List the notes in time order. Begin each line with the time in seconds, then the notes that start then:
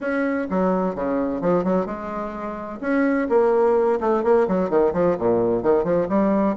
0.00 C#4
0.49 F#3
0.95 C#3
1.41 F3
1.64 F#3
1.86 G#3
2.81 C#4
3.29 A#3
4.00 A3
4.23 A#3
4.48 F#3
4.69 D#3
4.93 F3
5.18 A#2
5.62 D#3
5.84 F3
6.09 G3